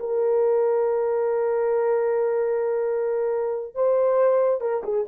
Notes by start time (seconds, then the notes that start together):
0.00 A#4
3.75 C5
4.61 A#4
4.84 G#4